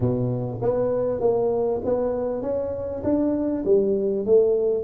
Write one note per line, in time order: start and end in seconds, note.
0.00 0.60 B2
0.61 1.20 B3
1.20 1.81 A#3
1.84 2.41 B3
2.41 3.02 C#4
3.03 3.64 D4
3.64 4.25 G3
4.25 4.83 A3